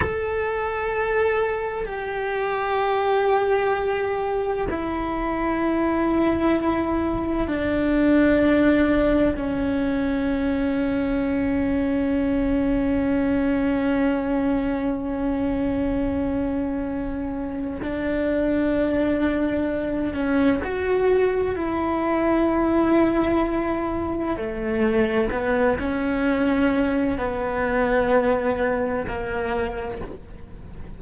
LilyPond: \new Staff \with { instrumentName = "cello" } { \time 4/4 \tempo 4 = 64 a'2 g'2~ | g'4 e'2. | d'2 cis'2~ | cis'1~ |
cis'2. d'4~ | d'4. cis'8 fis'4 e'4~ | e'2 a4 b8 cis'8~ | cis'4 b2 ais4 | }